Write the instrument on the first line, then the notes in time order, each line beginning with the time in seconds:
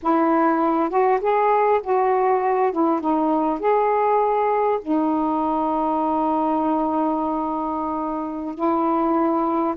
saxophone
0.02 E4
0.89 F#4
1.20 G#4
1.83 F#4
2.72 E4
3.00 D#4
3.59 G#4
4.81 D#4
8.54 E4